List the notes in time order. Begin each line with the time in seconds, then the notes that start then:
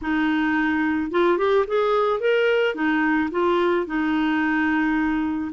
0.01 D#4
1.11 F4
1.38 G4
1.67 G#4
2.20 A#4
2.74 D#4
3.31 F4
3.86 D#4